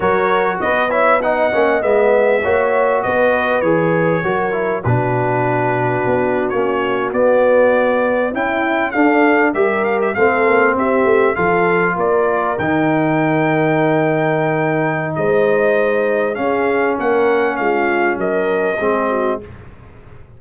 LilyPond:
<<
  \new Staff \with { instrumentName = "trumpet" } { \time 4/4 \tempo 4 = 99 cis''4 dis''8 e''8 fis''4 e''4~ | e''4 dis''4 cis''2 | b'2~ b'8. cis''4 d''16~ | d''4.~ d''16 g''4 f''4 e''16~ |
e''16 f''16 e''16 f''4 e''4 f''4 d''16~ | d''8. g''2.~ g''16~ | g''4 dis''2 f''4 | fis''4 f''4 dis''2 | }
  \new Staff \with { instrumentName = "horn" } { \time 4/4 ais'4 b'8 cis''8 dis''2 | cis''4 b'2 ais'4 | fis'1~ | fis'4.~ fis'16 e'4 a'4 ais'16~ |
ais'8. a'4 g'4 a'4 ais'16~ | ais'1~ | ais'4 c''2 gis'4 | ais'4 f'4 ais'4 gis'8 fis'8 | }
  \new Staff \with { instrumentName = "trombone" } { \time 4/4 fis'4. e'8 dis'8 cis'8 b4 | fis'2 gis'4 fis'8 e'8 | d'2~ d'8. cis'4 b16~ | b4.~ b16 e'4 d'4 g'16~ |
g'8. c'2 f'4~ f'16~ | f'8. dis'2.~ dis'16~ | dis'2. cis'4~ | cis'2. c'4 | }
  \new Staff \with { instrumentName = "tuba" } { \time 4/4 fis4 b4. ais8 gis4 | ais4 b4 e4 fis4 | b,2 b8. ais4 b16~ | b4.~ b16 cis'4 d'4 g16~ |
g8. a8 ais8 c'8 a8 f4 ais16~ | ais8. dis2.~ dis16~ | dis4 gis2 cis'4 | ais4 gis4 fis4 gis4 | }
>>